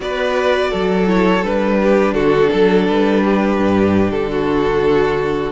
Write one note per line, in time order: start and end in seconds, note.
0.00 0.71 B3
0.00 1.06 F#4
0.00 0.70 B4
0.00 1.08 D5
0.70 1.43 F#3
0.70 1.77 A4
1.06 1.42 E4
1.06 1.44 C#5
1.42 2.13 G3
1.42 5.51 D4
1.42 2.14 B4
1.82 2.14 G4
2.13 2.48 D3
2.13 2.50 F#4
2.13 2.85 A4
2.51 2.89 F#3
2.51 3.23 A4
2.87 3.58 G3
2.87 4.10 B4
3.24 4.31 G4
3.58 4.11 G2
4.10 5.51 D3
4.10 5.51 A4
4.31 5.51 F#4